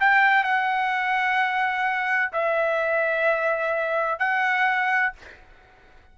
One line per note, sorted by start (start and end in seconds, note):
0.00 0.44 G5
0.44 2.31 F#5
2.33 4.19 E5
4.19 5.13 F#5